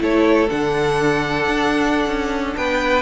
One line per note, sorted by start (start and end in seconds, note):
0.00 0.50 A3
0.00 0.49 E4
0.00 2.58 A4
0.00 0.50 C#5
0.49 1.48 D3
0.49 3.03 D4
0.49 2.57 F#5
1.48 2.07 D4
2.07 2.56 C#4
2.57 3.03 B3
2.57 3.03 B4
2.57 3.03 G5